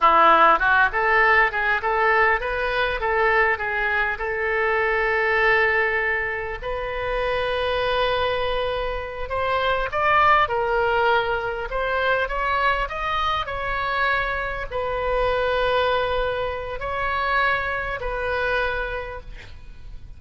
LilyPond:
\new Staff \with { instrumentName = "oboe" } { \time 4/4 \tempo 4 = 100 e'4 fis'8 a'4 gis'8 a'4 | b'4 a'4 gis'4 a'4~ | a'2. b'4~ | b'2.~ b'8 c''8~ |
c''8 d''4 ais'2 c''8~ | c''8 cis''4 dis''4 cis''4.~ | cis''8 b'2.~ b'8 | cis''2 b'2 | }